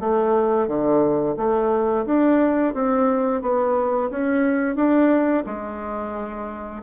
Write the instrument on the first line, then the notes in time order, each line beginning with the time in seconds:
bassoon
0.00 A3
0.68 D3
1.37 A3
2.06 D4
2.74 C4
3.42 B3
4.11 C#4
4.76 D4
5.46 G#3